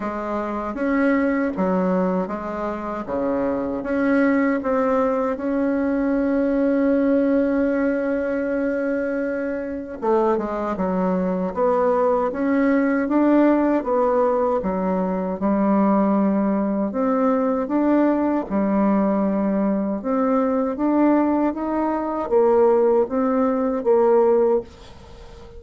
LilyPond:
\new Staff \with { instrumentName = "bassoon" } { \time 4/4 \tempo 4 = 78 gis4 cis'4 fis4 gis4 | cis4 cis'4 c'4 cis'4~ | cis'1~ | cis'4 a8 gis8 fis4 b4 |
cis'4 d'4 b4 fis4 | g2 c'4 d'4 | g2 c'4 d'4 | dis'4 ais4 c'4 ais4 | }